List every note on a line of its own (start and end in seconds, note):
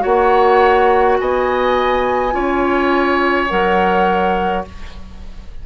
0.00 1.20 A#3
0.00 2.31 F#4
0.00 1.18 C#5
0.00 1.19 F#5
1.20 2.34 B3
1.20 2.35 D#5
1.20 3.50 G#5
2.32 3.50 C#4
2.32 3.48 F4
2.32 4.65 C#5
3.49 4.66 F#3
3.49 4.65 A#4
3.49 4.65 F#5